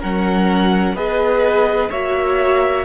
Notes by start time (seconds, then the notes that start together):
0.00 F#3 C#4 A#4 F#5
0.94 B3 G#4 B4 D#5
1.90 A#3 F#4 C#5 E5